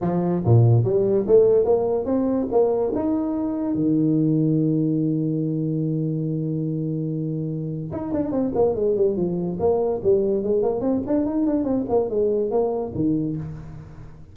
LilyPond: \new Staff \with { instrumentName = "tuba" } { \time 4/4 \tempo 4 = 144 f4 ais,4 g4 a4 | ais4 c'4 ais4 dis'4~ | dis'4 dis2.~ | dis1~ |
dis2. dis'8 d'8 | c'8 ais8 gis8 g8 f4 ais4 | g4 gis8 ais8 c'8 d'8 dis'8 d'8 | c'8 ais8 gis4 ais4 dis4 | }